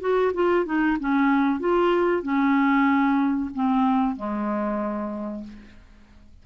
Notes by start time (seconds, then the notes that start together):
0.00 F#4
0.34 F4
0.65 D#4
1.00 C#4
1.60 F4
2.23 C#4
3.54 C4
4.16 G#3